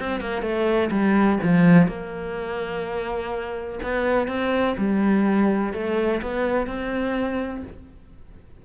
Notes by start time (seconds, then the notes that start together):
0.00 C4
0.21 A#3
0.42 A3
0.91 G3
1.43 F3
1.88 A#3
3.83 B3
4.28 C4
4.78 G3
5.74 A3
6.22 B3
6.67 C4